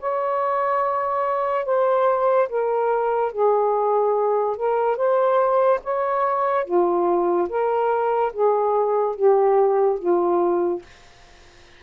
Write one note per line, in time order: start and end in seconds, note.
0.00 1.66 C#5
1.66 2.49 C5
2.49 3.32 A#4
3.32 4.57 G#4
4.57 4.97 A#4
4.97 5.80 C5
5.84 6.65 C#5
6.65 7.48 F4
7.49 8.33 A#4
8.33 9.16 G#4
9.16 9.99 G4
9.99 10.82 F4